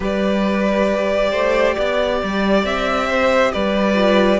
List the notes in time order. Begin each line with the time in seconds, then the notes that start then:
0.00 G3 G4 B4 D5
1.31 A3 C5
1.75 B3 D5
2.23 G3
2.63 C4 E5
3.07 C5
3.52 G3 B4 D5
3.95 F4